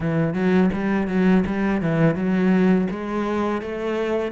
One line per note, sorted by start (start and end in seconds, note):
0.00 0.34 E3
0.34 0.70 F#3
0.73 1.07 G3
1.07 1.44 F#3
1.46 1.81 G3
1.81 2.15 E3
2.15 2.87 F#3
2.90 3.61 G#3
3.61 4.31 A3